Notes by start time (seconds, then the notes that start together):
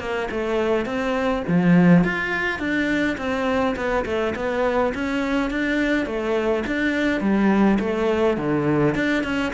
0.00 A#3
0.31 A3
0.86 C4
1.48 F3
2.05 F4
2.60 D4
3.18 C4
3.76 B3
4.05 A3
4.36 B3
4.95 C#4
5.51 D4
6.06 A3
6.67 D4
7.21 G3
7.80 A3
8.38 D3
8.95 D4
9.24 C#4